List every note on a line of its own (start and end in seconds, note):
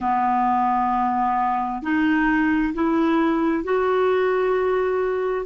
0.00 1.82 B3
1.82 2.73 D#4
2.74 3.64 E4
3.64 5.45 F#4